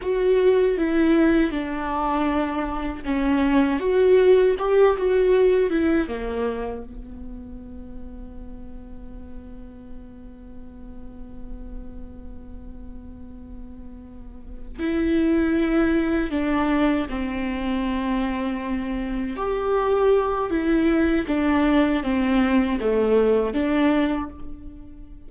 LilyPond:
\new Staff \with { instrumentName = "viola" } { \time 4/4 \tempo 4 = 79 fis'4 e'4 d'2 | cis'4 fis'4 g'8 fis'4 e'8 | ais4 b2.~ | b1~ |
b2.~ b8 e'8~ | e'4. d'4 c'4.~ | c'4. g'4. e'4 | d'4 c'4 a4 d'4 | }